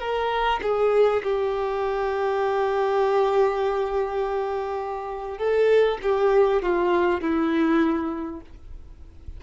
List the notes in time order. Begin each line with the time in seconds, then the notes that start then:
0.00 A#4
0.62 G#4
1.23 G4
5.38 A4
6.02 G4
6.62 F4
7.21 E4